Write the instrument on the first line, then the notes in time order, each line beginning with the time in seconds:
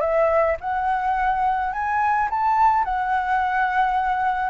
flute
0.00 E5
0.60 F#5
1.73 G#5
2.30 A5
2.84 F#5